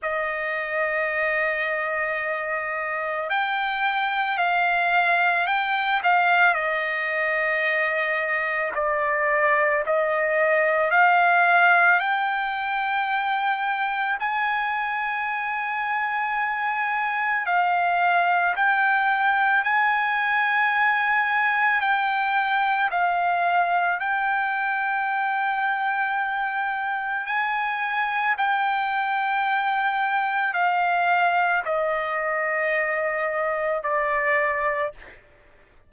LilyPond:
\new Staff \with { instrumentName = "trumpet" } { \time 4/4 \tempo 4 = 55 dis''2. g''4 | f''4 g''8 f''8 dis''2 | d''4 dis''4 f''4 g''4~ | g''4 gis''2. |
f''4 g''4 gis''2 | g''4 f''4 g''2~ | g''4 gis''4 g''2 | f''4 dis''2 d''4 | }